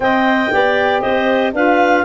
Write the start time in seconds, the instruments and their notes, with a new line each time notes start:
0.00 saxophone C4, tuba C4, clarinet D#5 G5
0.50 tuba B3, saxophone G4, clarinet D5
1.00 tuba C4, clarinet C5 D#5
1.53 tuba D4, saxophone F4, clarinet B4 F5